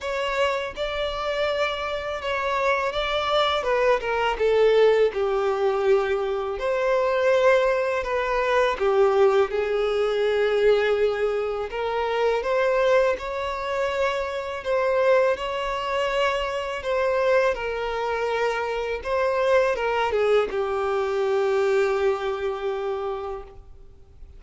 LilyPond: \new Staff \with { instrumentName = "violin" } { \time 4/4 \tempo 4 = 82 cis''4 d''2 cis''4 | d''4 b'8 ais'8 a'4 g'4~ | g'4 c''2 b'4 | g'4 gis'2. |
ais'4 c''4 cis''2 | c''4 cis''2 c''4 | ais'2 c''4 ais'8 gis'8 | g'1 | }